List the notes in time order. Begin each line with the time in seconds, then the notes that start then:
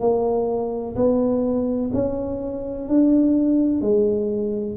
0.00 A#3
0.96 B3
1.94 C#4
2.88 D4
3.82 G#3